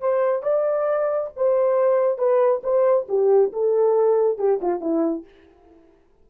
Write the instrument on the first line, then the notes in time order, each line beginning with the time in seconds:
horn
0.00 C5
0.42 D5
1.36 C5
2.18 B4
2.63 C5
3.08 G4
3.52 A4
4.38 G4
4.61 F4
4.80 E4